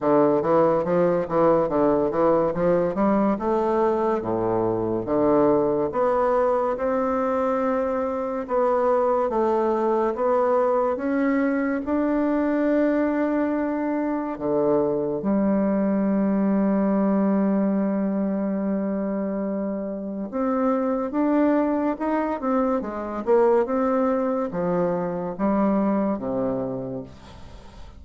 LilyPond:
\new Staff \with { instrumentName = "bassoon" } { \time 4/4 \tempo 4 = 71 d8 e8 f8 e8 d8 e8 f8 g8 | a4 a,4 d4 b4 | c'2 b4 a4 | b4 cis'4 d'2~ |
d'4 d4 g2~ | g1 | c'4 d'4 dis'8 c'8 gis8 ais8 | c'4 f4 g4 c4 | }